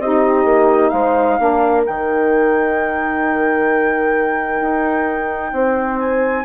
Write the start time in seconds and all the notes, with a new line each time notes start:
0.00 C4 D#4 G4 D#5
0.45 A#3
0.90 G#3 C5 F5
1.40 A#3 D4 A#4
1.86 D#3 D#4 G5
4.61 D#4
5.53 C4 C5
6.00 G#5